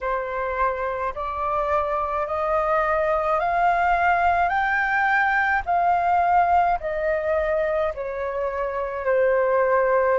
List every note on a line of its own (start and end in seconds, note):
0.00 1.13 C5
1.14 2.26 D5
2.26 3.39 D#5
3.39 4.49 F5
4.49 5.62 G5
5.65 6.78 F5
6.79 7.92 D#5
7.94 9.05 C#5
9.05 10.18 C5